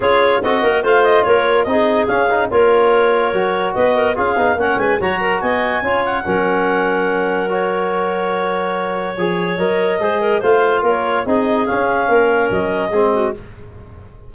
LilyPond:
<<
  \new Staff \with { instrumentName = "clarinet" } { \time 4/4 \tempo 4 = 144 cis''4 dis''4 f''8 dis''8 cis''4 | dis''4 f''4 cis''2~ | cis''4 dis''4 f''4 fis''8 gis''8 | ais''4 gis''4. fis''4.~ |
fis''2 cis''2~ | cis''2. dis''4~ | dis''4 f''4 cis''4 dis''4 | f''2 dis''2 | }
  \new Staff \with { instrumentName = "clarinet" } { \time 4/4 gis'4 a'8 ais'8 c''4 ais'4 | gis'2 ais'2~ | ais'4 b'8 ais'8 gis'4 ais'8 b'8 | cis''8 ais'8 dis''4 cis''4 ais'4~ |
ais'1~ | ais'2 cis''2 | c''8 ais'8 c''4 ais'4 gis'4~ | gis'4 ais'2 gis'8 fis'8 | }
  \new Staff \with { instrumentName = "trombone" } { \time 4/4 f'4 fis'4 f'2 | dis'4 cis'8 dis'8 f'2 | fis'2 f'8 dis'8 cis'4 | fis'2 f'4 cis'4~ |
cis'2 fis'2~ | fis'2 gis'4 ais'4 | gis'4 f'2 dis'4 | cis'2. c'4 | }
  \new Staff \with { instrumentName = "tuba" } { \time 4/4 cis'4 c'8 ais8 a4 ais4 | c'4 cis'4 ais2 | fis4 b4 cis'8 b8 ais8 gis8 | fis4 b4 cis'4 fis4~ |
fis1~ | fis2 f4 fis4 | gis4 a4 ais4 c'4 | cis'4 ais4 fis4 gis4 | }
>>